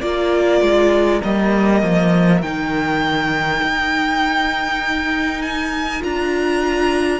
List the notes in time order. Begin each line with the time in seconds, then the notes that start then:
0.00 A#3 F4 A#4 D5
0.61 G#3
1.22 G3 A#3 D#5
1.82 F3
2.42 D#3 D#4 G5
3.62 D#4
5.42 G#5
5.99 D4 F4 A#5